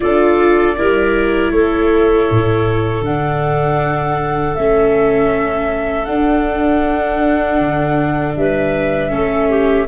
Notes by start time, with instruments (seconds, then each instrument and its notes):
0.00 tuba D4, viola F4, clarinet A4, flute D5
0.77 tuba G3, viola E4, clarinet A#4
1.51 tuba A3, clarinet A4, flute C#5
2.30 tuba A2
3.01 tuba D3, viola D4, flute F#5
4.54 tuba A3, viola C#4, flute E5
6.04 viola D4, tuba D4, flute F#5
7.60 tuba D3
8.36 tuba G3, clarinet B4, flute E5
9.09 tuba A3, viola C#4, clarinet A4
9.49 clarinet G4